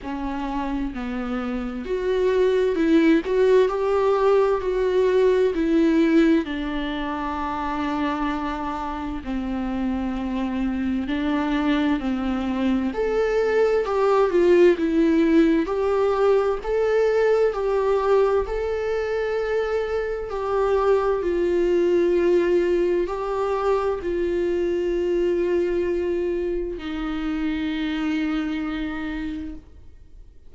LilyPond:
\new Staff \with { instrumentName = "viola" } { \time 4/4 \tempo 4 = 65 cis'4 b4 fis'4 e'8 fis'8 | g'4 fis'4 e'4 d'4~ | d'2 c'2 | d'4 c'4 a'4 g'8 f'8 |
e'4 g'4 a'4 g'4 | a'2 g'4 f'4~ | f'4 g'4 f'2~ | f'4 dis'2. | }